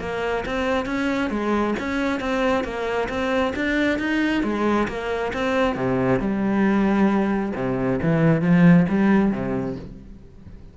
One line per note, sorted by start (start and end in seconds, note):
0.00 0.44 A#3
0.46 0.86 C4
0.86 1.30 C#4
1.30 1.75 G#3
1.79 2.20 C#4
2.20 2.64 C4
2.64 3.08 A#3
3.09 3.53 C4
3.56 3.99 D4
3.99 4.43 D#4
4.43 4.88 G#3
4.88 5.33 A#3
5.33 5.76 C4
5.76 6.20 C3
6.20 7.53 G3
7.55 8.00 C3
8.02 8.42 E3
8.42 8.86 F3
8.89 9.32 G3
9.32 9.76 C3